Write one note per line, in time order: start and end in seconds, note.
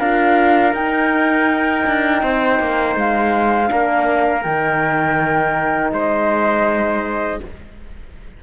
0.00 0.74 D4
0.00 0.75 F4
0.00 2.23 A#4
0.00 0.74 F5
0.74 1.85 D#4
0.74 3.68 D#4
0.74 2.97 G5
1.86 2.23 D4
2.23 2.60 C4
2.23 3.71 C5
2.60 2.96 A#3
2.96 3.70 G#3
2.96 4.43 F5
3.68 4.45 A#3
3.68 4.42 D4
3.68 5.94 A#4
4.43 5.92 D#3
4.43 7.42 D#4
4.43 5.91 G5
5.92 7.40 G#3
5.92 7.42 C5
5.92 7.43 D#5